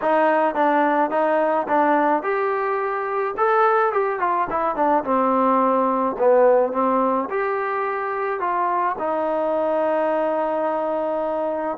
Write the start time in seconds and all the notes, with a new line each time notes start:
0.01 D#4
0.55 D4
1.10 D#4
1.67 D4
2.22 G4
3.37 A4
3.92 G4
4.19 F4
4.50 E4
4.75 D4
5.03 C4
6.18 B3
6.72 C4
7.30 G4
8.40 F4
8.98 D#4